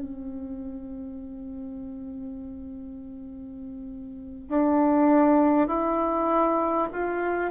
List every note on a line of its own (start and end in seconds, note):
0.00 4.48 C4
4.48 5.67 D4
5.67 6.87 E4
6.92 7.50 F4